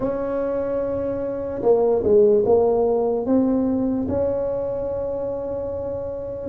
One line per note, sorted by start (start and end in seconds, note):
0.00 1.62 C#4
1.62 2.02 A#3
2.03 2.44 G#3
2.45 3.25 A#3
3.25 4.07 C4
4.08 6.49 C#4